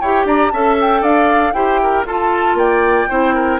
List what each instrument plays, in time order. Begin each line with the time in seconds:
0.00 bassoon E4, clarinet G4, oboe C#5, flute G5
0.25 bassoon D4, oboe D5, flute A#5
0.51 bassoon C#4, clarinet A4, oboe E5, flute A5
0.81 flute G5
1.02 bassoon D4, oboe D5, flute F5
1.53 bassoon E4, clarinet G4, oboe C5, flute G5
1.83 oboe A#4
2.05 bassoon F4, clarinet F4, oboe A4, flute A5
2.54 bassoon A#3, oboe D5, flute G5
3.09 bassoon C4, clarinet E4, oboe C5
3.34 oboe A#4